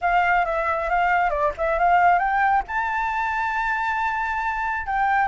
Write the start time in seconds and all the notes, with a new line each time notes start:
0.01 F5
0.45 E5
0.89 F5
1.30 D5
1.57 E5
1.78 F5
2.18 G5
2.67 A5
4.86 G5